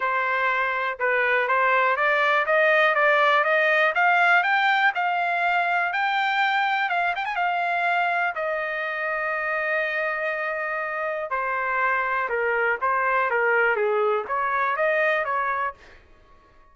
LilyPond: \new Staff \with { instrumentName = "trumpet" } { \time 4/4 \tempo 4 = 122 c''2 b'4 c''4 | d''4 dis''4 d''4 dis''4 | f''4 g''4 f''2 | g''2 f''8 g''16 gis''16 f''4~ |
f''4 dis''2.~ | dis''2. c''4~ | c''4 ais'4 c''4 ais'4 | gis'4 cis''4 dis''4 cis''4 | }